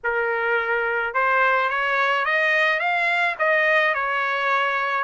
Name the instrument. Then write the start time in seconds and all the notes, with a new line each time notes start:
trumpet
0.03 A#4
1.14 C5
1.69 C#5
2.25 D#5
2.79 F5
3.38 D#5
3.94 C#5